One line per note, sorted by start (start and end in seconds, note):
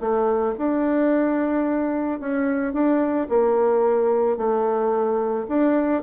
0.00 0.55 A3
0.58 2.20 D4
2.20 2.73 C#4
2.73 3.28 D4
3.29 4.37 A#3
4.37 5.46 A3
5.48 6.02 D4